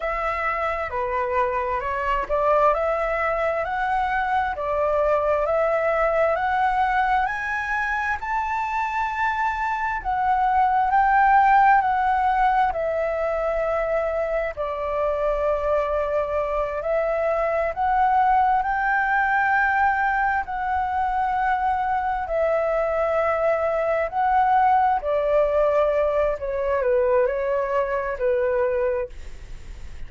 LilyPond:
\new Staff \with { instrumentName = "flute" } { \time 4/4 \tempo 4 = 66 e''4 b'4 cis''8 d''8 e''4 | fis''4 d''4 e''4 fis''4 | gis''4 a''2 fis''4 | g''4 fis''4 e''2 |
d''2~ d''8 e''4 fis''8~ | fis''8 g''2 fis''4.~ | fis''8 e''2 fis''4 d''8~ | d''4 cis''8 b'8 cis''4 b'4 | }